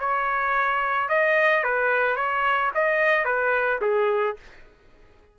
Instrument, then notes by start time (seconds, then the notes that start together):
trumpet
0.00 C#5
1.09 D#5
1.64 B4
2.17 C#5
2.75 D#5
3.25 B4
3.82 G#4